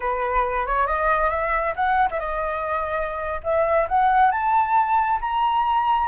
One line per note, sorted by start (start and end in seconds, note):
0.00 0.66 B4
0.66 0.87 C#5
0.87 1.30 D#5
1.30 1.74 E5
1.75 2.09 F#5
2.10 2.19 E5
2.19 3.41 D#5
3.43 3.87 E5
3.88 4.31 F#5
4.31 5.19 A5
5.20 6.08 A#5